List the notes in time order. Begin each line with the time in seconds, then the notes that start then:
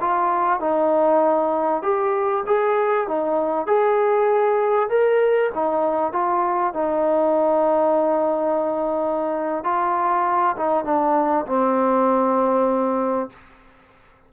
0.00 F4
0.60 D#4
1.82 G4
2.46 G#4
3.07 D#4
3.67 G#4
4.89 A#4
5.54 D#4
6.12 F4
6.73 D#4
9.64 F4
10.56 D#4
10.84 D4
11.46 C4